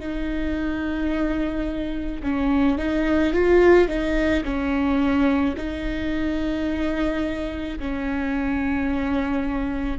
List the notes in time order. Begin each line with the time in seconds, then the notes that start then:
0.00 D#4
2.23 C#4
2.78 D#4
3.33 F4
3.88 D#4
4.44 C#4
5.57 D#4
7.79 C#4